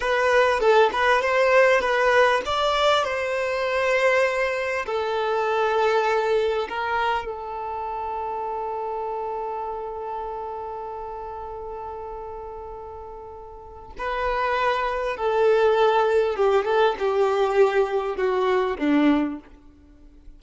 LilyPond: \new Staff \with { instrumentName = "violin" } { \time 4/4 \tempo 4 = 99 b'4 a'8 b'8 c''4 b'4 | d''4 c''2. | a'2. ais'4 | a'1~ |
a'1~ | a'2. b'4~ | b'4 a'2 g'8 a'8 | g'2 fis'4 d'4 | }